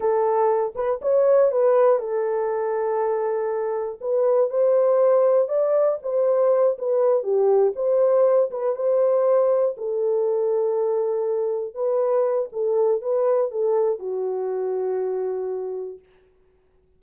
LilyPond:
\new Staff \with { instrumentName = "horn" } { \time 4/4 \tempo 4 = 120 a'4. b'8 cis''4 b'4 | a'1 | b'4 c''2 d''4 | c''4. b'4 g'4 c''8~ |
c''4 b'8 c''2 a'8~ | a'2.~ a'8 b'8~ | b'4 a'4 b'4 a'4 | fis'1 | }